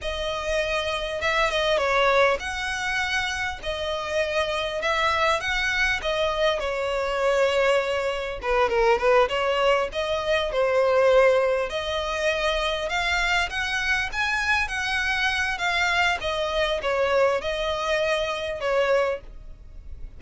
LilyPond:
\new Staff \with { instrumentName = "violin" } { \time 4/4 \tempo 4 = 100 dis''2 e''8 dis''8 cis''4 | fis''2 dis''2 | e''4 fis''4 dis''4 cis''4~ | cis''2 b'8 ais'8 b'8 cis''8~ |
cis''8 dis''4 c''2 dis''8~ | dis''4. f''4 fis''4 gis''8~ | gis''8 fis''4. f''4 dis''4 | cis''4 dis''2 cis''4 | }